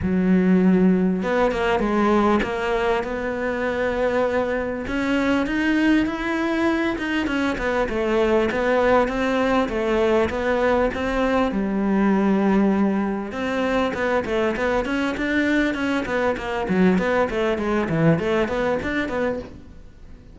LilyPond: \new Staff \with { instrumentName = "cello" } { \time 4/4 \tempo 4 = 99 fis2 b8 ais8 gis4 | ais4 b2. | cis'4 dis'4 e'4. dis'8 | cis'8 b8 a4 b4 c'4 |
a4 b4 c'4 g4~ | g2 c'4 b8 a8 | b8 cis'8 d'4 cis'8 b8 ais8 fis8 | b8 a8 gis8 e8 a8 b8 d'8 b8 | }